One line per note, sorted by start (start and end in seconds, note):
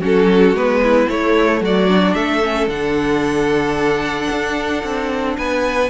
0.00 0.53 F#3
0.00 0.56 C#4
0.00 0.80 F#4
0.00 0.56 A4
0.53 1.06 G#3
0.53 1.09 B3
0.53 1.09 B4
0.83 1.63 E4
1.09 1.89 A3
1.09 1.61 A3
1.09 1.62 C#5
1.61 2.14 F#3
1.61 2.16 F#4
1.61 2.14 D5
1.89 2.42 D4
2.14 2.67 A3
2.14 5.37 A4
2.14 2.68 E5
2.43 2.69 C#4
2.67 4.28 D3
2.67 5.90 D4
2.67 5.37 F#5
4.30 4.83 D4
4.83 5.37 C4
5.37 5.90 B3
5.37 5.90 B4
5.37 5.90 G#5